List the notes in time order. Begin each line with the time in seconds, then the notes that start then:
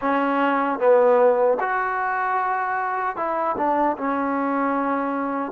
0.01 C#4
0.79 B3
1.60 F#4
3.16 E4
3.57 D4
3.97 C#4